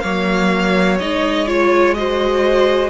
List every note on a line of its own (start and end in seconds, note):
0.00 1.00 F#3
0.00 0.99 A#3
0.00 1.96 C#5
0.00 0.97 F5
0.99 2.90 G#3
0.99 1.47 D#4
0.99 1.47 D#5
1.47 1.95 F4
1.47 1.94 C#5
1.94 2.90 F#4
1.94 2.90 C5
1.94 2.90 D#5